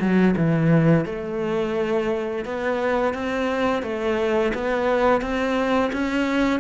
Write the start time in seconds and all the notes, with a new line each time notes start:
0.00 F#3
0.37 E3
1.05 A3
2.45 B3
3.14 C4
3.83 A3
4.54 B3
5.21 C4
5.93 C#4